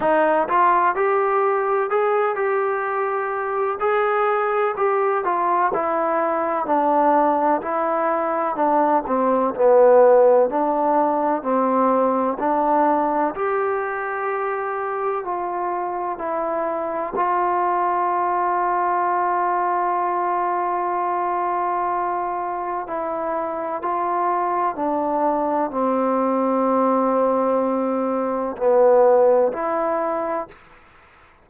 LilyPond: \new Staff \with { instrumentName = "trombone" } { \time 4/4 \tempo 4 = 63 dis'8 f'8 g'4 gis'8 g'4. | gis'4 g'8 f'8 e'4 d'4 | e'4 d'8 c'8 b4 d'4 | c'4 d'4 g'2 |
f'4 e'4 f'2~ | f'1 | e'4 f'4 d'4 c'4~ | c'2 b4 e'4 | }